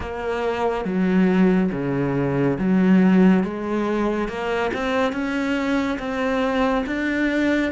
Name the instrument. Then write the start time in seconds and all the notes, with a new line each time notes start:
cello
0.00 A#3
0.84 F#3
1.72 C#3
2.59 F#3
3.43 G#3
4.28 A#3
4.73 C4
5.12 C#4
5.98 C4
6.86 D4